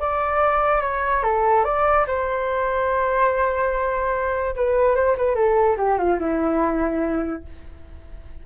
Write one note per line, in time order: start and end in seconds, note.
0.00 0.82 D5
0.82 1.23 C#5
1.23 1.65 A4
1.65 2.06 D5
2.07 4.56 C5
4.56 4.96 B4
4.96 5.16 C5
5.18 5.35 B4
5.35 5.77 A4
5.77 5.98 G4
5.98 6.19 F4
6.20 7.44 E4